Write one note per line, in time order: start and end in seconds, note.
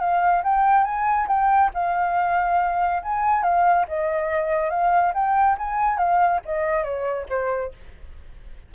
0.00 0.43 F5
0.44 0.84 G5
0.84 1.27 G#5
1.28 1.71 G5
1.74 3.03 F5
3.03 3.43 G#5
3.43 3.86 F5
3.88 4.70 D#5
4.70 5.13 F5
5.14 5.57 G5
5.58 5.98 G#5
5.98 6.41 F5
6.46 6.84 D#5
6.84 7.27 C#5
7.30 7.72 C5